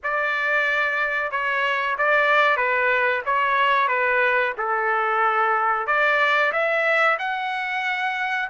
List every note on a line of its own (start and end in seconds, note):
0.03 1.31 D5
1.31 1.96 C#5
1.97 2.56 D5
2.56 3.22 B4
3.25 3.88 C#5
3.88 4.53 B4
4.57 5.86 A4
5.86 6.52 D5
6.52 7.17 E5
7.18 8.49 F#5